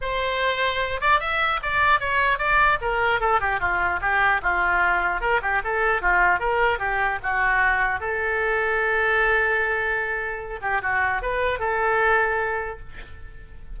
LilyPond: \new Staff \with { instrumentName = "oboe" } { \time 4/4 \tempo 4 = 150 c''2~ c''8 d''8 e''4 | d''4 cis''4 d''4 ais'4 | a'8 g'8 f'4 g'4 f'4~ | f'4 ais'8 g'8 a'4 f'4 |
ais'4 g'4 fis'2 | a'1~ | a'2~ a'8 g'8 fis'4 | b'4 a'2. | }